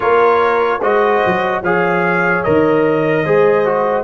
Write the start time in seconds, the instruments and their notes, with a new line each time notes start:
0.00 tuba A#3, trombone F4, horn A#4, trumpet C#5
0.80 tuba G#3, trombone F#4, horn C5, trumpet D#5
1.26 tuba F#3
1.61 tuba F3, trombone G#4, horn C#5, trumpet F5
2.43 tuba D#3, trombone A#4, trumpet D#5
3.24 tuba G#3, trombone G#4, horn C5
3.65 trombone F#4